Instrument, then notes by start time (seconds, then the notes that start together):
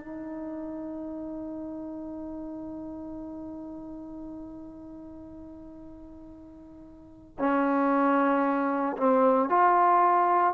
trombone
0.00 D#4
7.39 C#4
8.98 C4
9.50 F4